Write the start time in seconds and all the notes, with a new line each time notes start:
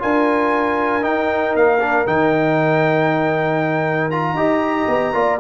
0.00 D4 F4 A#4 G#5
1.02 D#4 G5
1.55 A#3 F5
1.80 D4
2.07 D#3 D#4 G5
4.11 F4 A#5
4.34 D#4 G4 D#5
4.88 B3
5.13 A#3 F4 D5